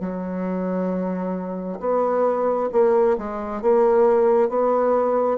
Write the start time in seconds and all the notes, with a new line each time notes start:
0.00 F#3
1.80 B3
2.72 A#3
3.18 G#3
3.61 A#3
4.49 B3